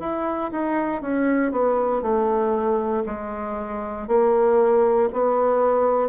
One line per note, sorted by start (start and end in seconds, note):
0.00 0.51 E4
0.52 1.02 D#4
1.02 1.52 C#4
1.52 2.02 B3
2.02 3.04 A3
3.06 4.08 G#3
4.08 5.09 A#3
5.13 6.09 B3